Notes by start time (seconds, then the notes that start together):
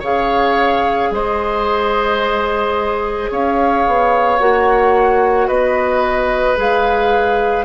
0.00 C#3 G#4 C#5 F5
1.11 G#3 C5 D#5
3.31 C#4 C#5 F5
3.87 B3
4.40 A#3 F#4 F#5
5.48 B3 B4 D#5
6.56 G#3 G#4 F5